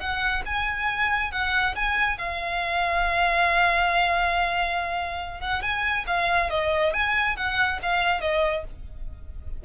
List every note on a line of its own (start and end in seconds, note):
0.00 0.43 F#5
0.46 1.32 G#5
1.32 1.75 F#5
1.75 2.18 G#5
2.18 5.40 F5
5.40 5.62 F#5
5.62 6.05 G#5
6.07 6.50 F5
6.50 6.93 D#5
6.93 7.37 G#5
7.37 7.80 F#5
7.82 8.21 F5
8.21 8.64 D#5